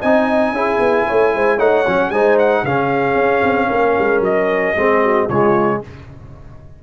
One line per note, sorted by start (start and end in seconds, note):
0.00 0.52 C4
0.00 0.55 D#4
0.00 0.53 D#5
0.00 1.59 G#5
0.52 0.78 C#4
0.52 1.59 E4
0.52 1.07 G#4
0.79 1.06 B3
1.07 1.35 A3
1.07 1.33 C#5
1.35 1.59 G#3
1.35 1.57 C5
1.57 1.85 A3
1.57 1.85 D#4
1.57 2.10 C#5
1.57 2.11 F#5
1.87 2.10 F#3
1.87 2.13 C#4
2.10 2.63 G#3
2.10 2.66 D#4
2.10 2.62 C5
2.10 2.37 G#5
2.39 2.65 F#5
2.62 3.16 C#3
2.62 4.77 C#4
2.62 3.68 G#4
2.62 4.23 F5
3.16 3.42 C#4
3.42 3.69 C4
3.70 3.96 A#3
3.70 4.77 A#4
3.99 4.20 G#3
4.20 4.73 F#3
4.20 5.29 D#5
4.76 5.29 G#3
4.76 5.30 C4
4.76 5.03 G#4
5.03 5.27 F#4
5.27 5.82 C#3
5.27 5.83 G#3
5.27 5.80 F4
5.27 5.82 C#5